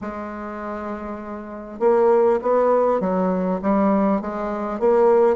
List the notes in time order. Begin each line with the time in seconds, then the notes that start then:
0.01 G#3
1.79 A#3
2.42 B3
3.00 F#3
3.62 G3
4.21 G#3
4.79 A#3